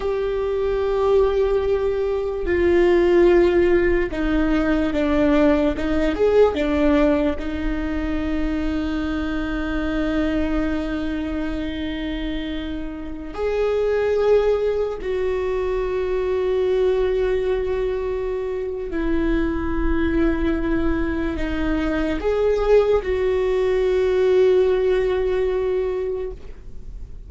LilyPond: \new Staff \with { instrumentName = "viola" } { \time 4/4 \tempo 4 = 73 g'2. f'4~ | f'4 dis'4 d'4 dis'8 gis'8 | d'4 dis'2.~ | dis'1~ |
dis'16 gis'2 fis'4.~ fis'16~ | fis'2. e'4~ | e'2 dis'4 gis'4 | fis'1 | }